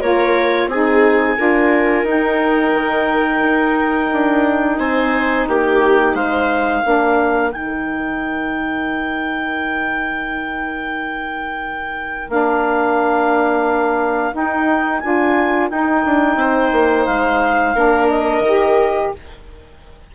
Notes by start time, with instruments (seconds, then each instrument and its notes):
0.00 bassoon A#3, saxophone F4, viola A#4, clarinet C#5
0.67 bassoon C4, saxophone D#4, viola G#4, clarinet G#5
1.36 bassoon D4, saxophone F4, viola A#4
2.03 bassoon D#4, saxophone D#4
2.09 clarinet G5
2.73 bassoon D#3
3.41 bassoon D#4
4.12 bassoon D4
4.78 bassoon C4, viola C5, clarinet G#5
5.47 bassoon A#3, viola G4, clarinet G5
6.14 bassoon G#3, viola C5, clarinet F5
6.82 bassoon A#3, saxophone D4, viola A#4
7.51 bassoon D#3, saxophone D#4, clarinet G5
12.28 bassoon A#3, saxophone D4, clarinet F5
14.32 saxophone D#4, bassoon D#4, clarinet G5
15.00 bassoon D4, saxophone F4, clarinet G#5
15.70 bassoon D#4, saxophone D#4, clarinet G5
16.04 bassoon D4
16.36 bassoon C4, viola C5
16.72 bassoon A#3
17.05 bassoon G#3, clarinet F5
17.74 bassoon A#3, saxophone D4, viola A#4
18.09 clarinet D#5
18.39 bassoon D#3
18.46 saxophone G4